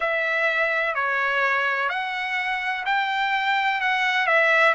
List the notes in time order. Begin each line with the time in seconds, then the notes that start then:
0.00 E5
0.94 C#5
1.89 F#5
2.85 G5
3.81 F#5
4.26 E5